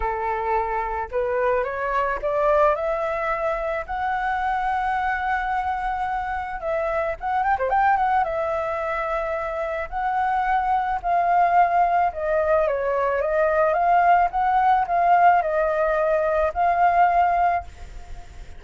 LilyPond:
\new Staff \with { instrumentName = "flute" } { \time 4/4 \tempo 4 = 109 a'2 b'4 cis''4 | d''4 e''2 fis''4~ | fis''1 | e''4 fis''8 g''16 c''16 g''8 fis''8 e''4~ |
e''2 fis''2 | f''2 dis''4 cis''4 | dis''4 f''4 fis''4 f''4 | dis''2 f''2 | }